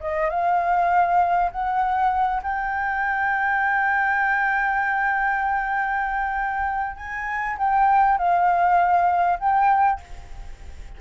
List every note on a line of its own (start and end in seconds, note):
0.00 0.29 D#5
0.29 1.51 F5
1.51 2.42 F#5
2.42 6.96 G5
6.96 7.57 G#5
7.58 8.18 G5
8.18 9.39 F5
9.39 10.00 G5